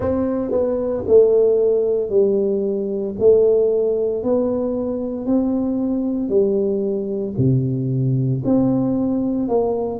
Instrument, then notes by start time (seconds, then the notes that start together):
tuba
0.00 C4
0.51 B3
1.07 A3
2.09 G3
3.19 A3
4.23 B3
5.26 C4
6.29 G3
7.37 C3
8.44 C4
9.48 A#3